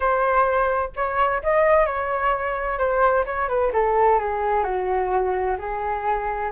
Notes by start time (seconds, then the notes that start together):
0.00 C5
0.96 C#5
1.42 D#5
1.86 C#5
2.78 C5
3.25 C#5
3.48 B4
3.72 A4
4.19 G#4
4.63 F#4
5.58 G#4